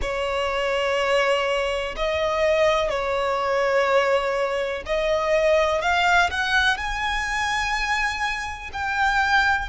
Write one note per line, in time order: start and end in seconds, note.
0.01 1.95 C#5
1.96 2.89 D#5
2.89 4.83 C#5
4.86 5.81 D#5
5.81 6.29 F5
6.30 6.77 F#5
6.77 8.70 G#5
8.73 9.69 G5